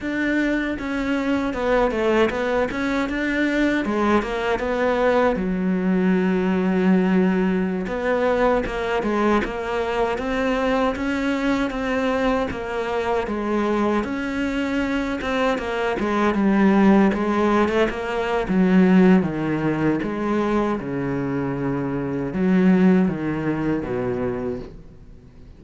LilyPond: \new Staff \with { instrumentName = "cello" } { \time 4/4 \tempo 4 = 78 d'4 cis'4 b8 a8 b8 cis'8 | d'4 gis8 ais8 b4 fis4~ | fis2~ fis16 b4 ais8 gis16~ | gis16 ais4 c'4 cis'4 c'8.~ |
c'16 ais4 gis4 cis'4. c'16~ | c'16 ais8 gis8 g4 gis8. a16 ais8. | fis4 dis4 gis4 cis4~ | cis4 fis4 dis4 b,4 | }